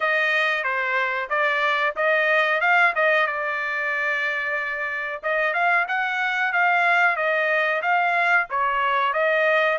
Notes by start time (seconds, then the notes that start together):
0.00 D#5
0.63 C5
1.29 D5
1.96 D#5
2.61 F5
2.95 D#5
3.26 D5
5.23 D#5
5.53 F5
5.88 F#5
6.52 F5
7.16 D#5
7.81 F5
8.50 C#5
9.13 D#5